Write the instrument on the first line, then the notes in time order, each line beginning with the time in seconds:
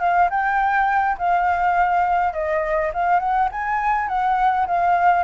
flute
0.00 F5
0.30 G5
1.19 F5
2.34 D#5
2.94 F5
3.20 F#5
3.52 G#5
4.08 F#5
4.67 F5